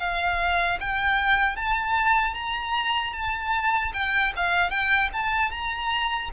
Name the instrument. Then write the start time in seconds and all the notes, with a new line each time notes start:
violin
0.00 F5
0.81 G5
1.56 A5
2.35 A#5
3.14 A5
3.94 G5
4.36 F5
4.70 G5
5.14 A5
5.52 A#5